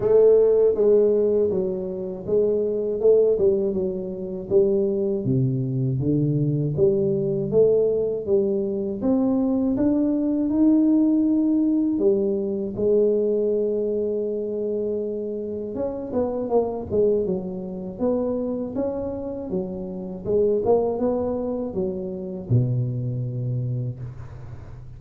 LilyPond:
\new Staff \with { instrumentName = "tuba" } { \time 4/4 \tempo 4 = 80 a4 gis4 fis4 gis4 | a8 g8 fis4 g4 c4 | d4 g4 a4 g4 | c'4 d'4 dis'2 |
g4 gis2.~ | gis4 cis'8 b8 ais8 gis8 fis4 | b4 cis'4 fis4 gis8 ais8 | b4 fis4 b,2 | }